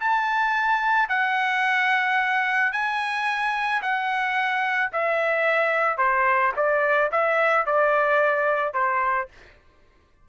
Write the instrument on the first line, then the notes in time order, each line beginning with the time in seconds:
trumpet
0.00 A5
1.09 F#5
2.72 G#5
3.82 F#5
4.92 E5
5.98 C5
6.56 D5
7.12 E5
7.66 D5
8.74 C5